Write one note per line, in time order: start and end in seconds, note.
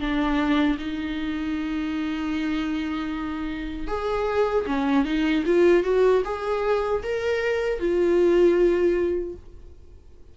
0.00 0.78 D4
0.78 3.87 D#4
3.87 4.65 G#4
4.66 5.05 C#4
5.05 5.44 D#4
5.46 5.84 F4
5.84 6.23 F#4
6.25 7.03 G#4
7.03 7.79 A#4
7.79 9.35 F4